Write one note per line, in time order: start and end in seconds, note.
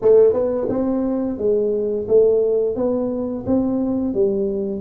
0.01 0.33 A3
0.33 0.67 B3
0.69 1.38 C4
1.38 2.07 G#3
2.08 2.75 A3
2.75 3.44 B3
3.46 4.13 C4
4.13 4.81 G3